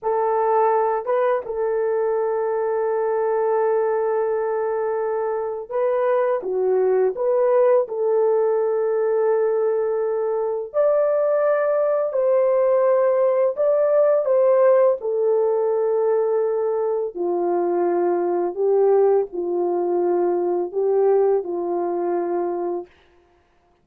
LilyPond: \new Staff \with { instrumentName = "horn" } { \time 4/4 \tempo 4 = 84 a'4. b'8 a'2~ | a'1 | b'4 fis'4 b'4 a'4~ | a'2. d''4~ |
d''4 c''2 d''4 | c''4 a'2. | f'2 g'4 f'4~ | f'4 g'4 f'2 | }